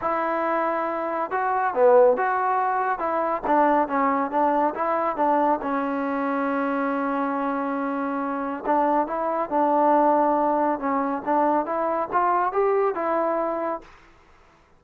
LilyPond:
\new Staff \with { instrumentName = "trombone" } { \time 4/4 \tempo 4 = 139 e'2. fis'4 | b4 fis'2 e'4 | d'4 cis'4 d'4 e'4 | d'4 cis'2.~ |
cis'1 | d'4 e'4 d'2~ | d'4 cis'4 d'4 e'4 | f'4 g'4 e'2 | }